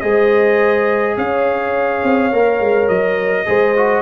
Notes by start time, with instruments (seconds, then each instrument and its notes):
0.00 tuba G#3, trombone G#4, horn C5, trumpet D#5
1.17 tuba C#4, horn C#5, trumpet F5
2.03 tuba C4
2.32 tuba A#3, trombone A#4
2.60 tuba G#3
2.88 tuba F#3, trumpet D#5
3.45 tuba G#3, trombone G#4, horn C5
3.76 trombone F#4